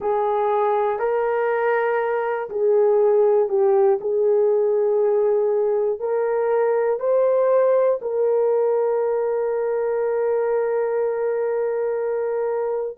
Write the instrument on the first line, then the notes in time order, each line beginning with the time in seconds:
horn
0.00 G#4
0.99 A#4
2.49 G#4
3.48 G4
4.00 G#4
5.99 A#4
7.00 C5
8.01 A#4